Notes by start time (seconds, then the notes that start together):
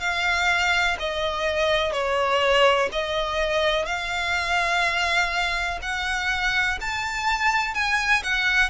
0.00 F5
0.99 D#5
1.93 C#5
2.92 D#5
3.86 F5
5.82 F#5
6.81 A5
7.75 G#5
8.23 F#5